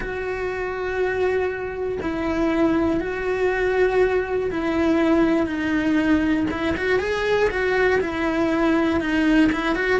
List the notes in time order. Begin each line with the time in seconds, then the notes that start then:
0.00 F#4
2.01 E4
3.00 F#4
4.50 E4
5.46 D#4
6.50 E4
6.76 F#4
6.99 G#4
7.50 F#4
8.00 E4
9.00 D#4
9.52 E4
9.75 F#4